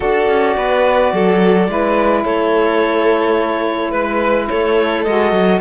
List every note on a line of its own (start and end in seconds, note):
0.00 0.28 D4
0.00 1.68 F#4
0.00 0.56 A4
0.00 2.25 D5
0.28 0.56 C#4
0.56 1.12 B3
0.56 1.12 B4
1.12 1.68 F#3
1.12 1.70 A4
1.68 2.24 G#3
1.68 5.04 E4
1.68 2.24 B4
2.24 3.92 A3
2.24 3.91 A4
2.24 3.91 C#5
3.91 4.48 G#3
3.91 4.47 B4
4.49 5.05 A3
4.49 5.61 A4
4.49 5.03 C#5
5.03 5.31 G#3
5.03 5.61 F#4
5.03 5.59 D#5
5.31 5.59 F#3